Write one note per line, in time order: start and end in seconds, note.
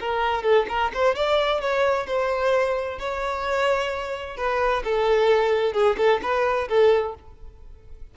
0.00 0.43 A#4
0.43 0.66 A4
0.69 0.92 A#4
0.93 1.15 C5
1.15 1.61 D5
1.61 2.06 C#5
2.06 2.99 C5
2.99 4.37 C#5
4.37 4.83 B4
4.84 5.73 A4
5.73 5.96 G#4
5.97 6.21 A4
6.22 6.68 B4
6.68 7.15 A4